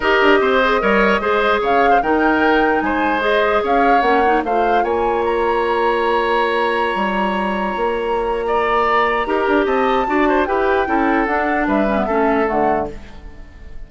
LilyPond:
<<
  \new Staff \with { instrumentName = "flute" } { \time 4/4 \tempo 4 = 149 dis''1 | f''4 g''2 gis''4 | dis''4 f''4 fis''4 f''4 | gis''4 ais''2.~ |
ais''1~ | ais''1 | a''2 g''2 | fis''4 e''2 fis''4 | }
  \new Staff \with { instrumentName = "oboe" } { \time 4/4 ais'4 c''4 cis''4 c''4 | cis''8. c''16 ais'2 c''4~ | c''4 cis''2 c''4 | cis''1~ |
cis''1~ | cis''4 d''2 ais'4 | dis''4 d''8 c''8 b'4 a'4~ | a'4 b'4 a'2 | }
  \new Staff \with { instrumentName = "clarinet" } { \time 4/4 g'4. gis'8 ais'4 gis'4~ | gis'4 dis'2. | gis'2 cis'8 dis'8 f'4~ | f'1~ |
f'1~ | f'2. g'4~ | g'4 fis'4 g'4 e'4 | d'4. cis'16 b16 cis'4 a4 | }
  \new Staff \with { instrumentName = "bassoon" } { \time 4/4 dis'8 d'8 c'4 g4 gis4 | cis4 dis2 gis4~ | gis4 cis'4 ais4 a4 | ais1~ |
ais4~ ais16 g2 ais8.~ | ais2. dis'8 d'8 | c'4 d'4 e'4 cis'4 | d'4 g4 a4 d4 | }
>>